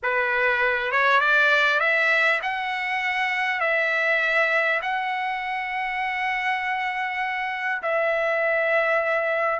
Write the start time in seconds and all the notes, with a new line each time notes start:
0.02 B4
0.91 C#5
1.20 D5
1.80 E5
2.42 F#5
3.60 E5
4.82 F#5
7.82 E5